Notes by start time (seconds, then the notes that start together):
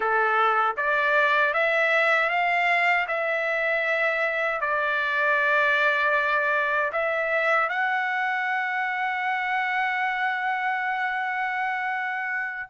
0.00 A4
0.77 D5
1.53 E5
2.29 F5
3.07 E5
4.60 D5
6.92 E5
7.69 F#5